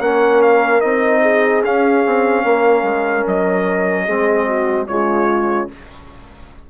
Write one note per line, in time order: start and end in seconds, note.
0.00 0.81 A#3
0.00 0.82 C#4
0.00 1.22 A#4
0.00 0.42 F#5
0.42 0.81 F5
0.81 1.64 C4
0.81 1.63 D#4
0.81 1.62 D#5
1.22 2.43 G#4
1.64 2.04 C#4
1.64 4.08 C#4
1.64 3.27 F5
2.06 2.44 C4
2.44 2.83 A#3
2.44 4.05 A#4
2.83 3.23 G#3
3.27 4.08 F#3
3.27 4.87 D#5
4.05 4.89 G#3
4.05 4.88 C4
4.05 4.46 G#4
4.46 4.87 F#4
4.87 5.70 C#3
4.87 5.69 G#3
4.87 5.70 F4
4.87 5.68 C#5